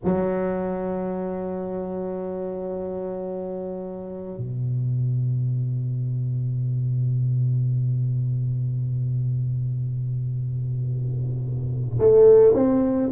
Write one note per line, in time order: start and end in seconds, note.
0.04 4.37 F#3
4.37 11.99 B2
11.99 12.53 A3
12.54 13.09 C4